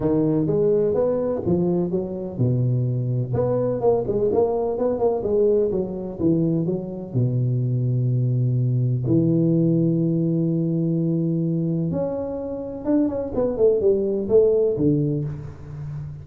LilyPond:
\new Staff \with { instrumentName = "tuba" } { \time 4/4 \tempo 4 = 126 dis4 gis4 b4 f4 | fis4 b,2 b4 | ais8 gis8 ais4 b8 ais8 gis4 | fis4 e4 fis4 b,4~ |
b,2. e4~ | e1~ | e4 cis'2 d'8 cis'8 | b8 a8 g4 a4 d4 | }